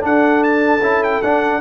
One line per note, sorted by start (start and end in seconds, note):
0.00 0.81 D4
0.00 0.80 D4
0.00 1.60 A4
0.00 0.43 F#5
0.43 1.03 A5
0.80 1.20 C#4
0.80 1.23 E4
1.03 1.22 G5
1.22 1.60 D4
1.22 1.60 F#5